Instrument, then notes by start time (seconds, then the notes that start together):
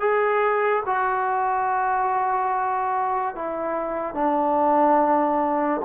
trombone
0.00 G#4
0.86 F#4
3.35 E4
4.14 D4